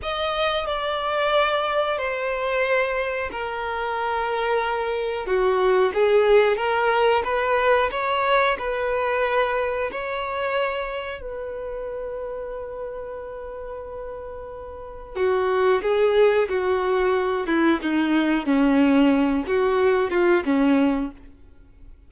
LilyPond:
\new Staff \with { instrumentName = "violin" } { \time 4/4 \tempo 4 = 91 dis''4 d''2 c''4~ | c''4 ais'2. | fis'4 gis'4 ais'4 b'4 | cis''4 b'2 cis''4~ |
cis''4 b'2.~ | b'2. fis'4 | gis'4 fis'4. e'8 dis'4 | cis'4. fis'4 f'8 cis'4 | }